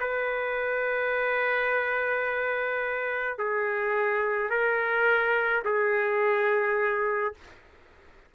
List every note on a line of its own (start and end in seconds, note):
0.00 3.39 B4
3.39 4.50 G#4
4.50 5.63 A#4
5.65 7.35 G#4